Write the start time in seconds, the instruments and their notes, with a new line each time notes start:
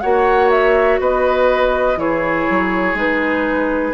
0.00 bassoon A#3, clarinet F#4, oboe C#5, flute F#5
0.50 flute E5
0.99 bassoon B3, oboe B4, flute D#5
1.97 bassoon E3, clarinet E4, oboe G#4, flute C#5
2.50 bassoon F#3
2.94 bassoon G#3, clarinet D#4, flute B4